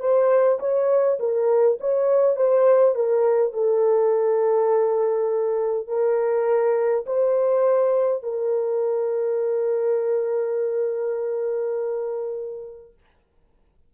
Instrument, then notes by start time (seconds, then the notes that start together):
horn
0.00 C5
0.59 C#5
1.19 A#4
1.80 C#5
2.36 C5
2.95 A#4
3.53 A4
5.87 A#4
7.06 C5
8.23 A#4